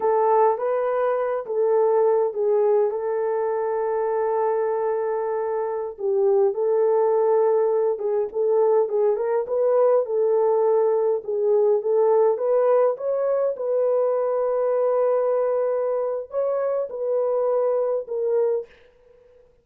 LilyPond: \new Staff \with { instrumentName = "horn" } { \time 4/4 \tempo 4 = 103 a'4 b'4. a'4. | gis'4 a'2.~ | a'2~ a'16 g'4 a'8.~ | a'4.~ a'16 gis'8 a'4 gis'8 ais'16~ |
ais'16 b'4 a'2 gis'8.~ | gis'16 a'4 b'4 cis''4 b'8.~ | b'1 | cis''4 b'2 ais'4 | }